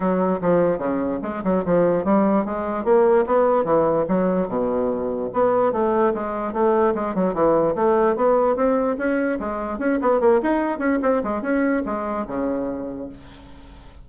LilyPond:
\new Staff \with { instrumentName = "bassoon" } { \time 4/4 \tempo 4 = 147 fis4 f4 cis4 gis8 fis8 | f4 g4 gis4 ais4 | b4 e4 fis4 b,4~ | b,4 b4 a4 gis4 |
a4 gis8 fis8 e4 a4 | b4 c'4 cis'4 gis4 | cis'8 b8 ais8 dis'4 cis'8 c'8 gis8 | cis'4 gis4 cis2 | }